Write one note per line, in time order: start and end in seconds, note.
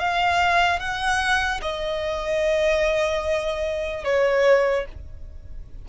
0.00 0.80 F5
0.80 1.61 F#5
1.62 4.05 D#5
4.05 4.86 C#5